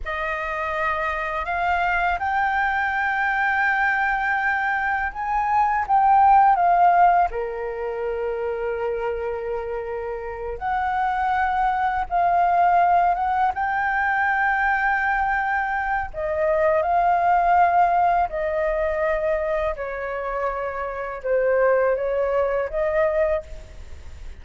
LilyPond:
\new Staff \with { instrumentName = "flute" } { \time 4/4 \tempo 4 = 82 dis''2 f''4 g''4~ | g''2. gis''4 | g''4 f''4 ais'2~ | ais'2~ ais'8 fis''4.~ |
fis''8 f''4. fis''8 g''4.~ | g''2 dis''4 f''4~ | f''4 dis''2 cis''4~ | cis''4 c''4 cis''4 dis''4 | }